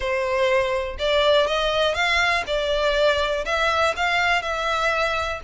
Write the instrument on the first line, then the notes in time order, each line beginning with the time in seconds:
violin
0.00 C5
0.98 D5
1.46 D#5
1.94 F5
2.46 D5
3.45 E5
3.96 F5
4.42 E5